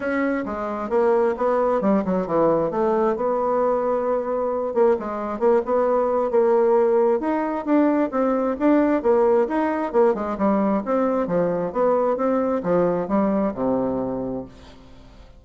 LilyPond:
\new Staff \with { instrumentName = "bassoon" } { \time 4/4 \tempo 4 = 133 cis'4 gis4 ais4 b4 | g8 fis8 e4 a4 b4~ | b2~ b8 ais8 gis4 | ais8 b4. ais2 |
dis'4 d'4 c'4 d'4 | ais4 dis'4 ais8 gis8 g4 | c'4 f4 b4 c'4 | f4 g4 c2 | }